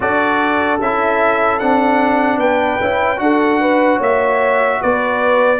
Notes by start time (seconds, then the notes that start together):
0.00 D4 F#4 A4 D5
0.80 C#4 E4 E5
1.59 C4 D4 F#5
2.38 B3 B4 G5
2.81 C#4 E4
3.16 D4 F#4 A4 F#5
3.60 B4
3.97 A#3 C#5 E5
4.81 B3 B4 D5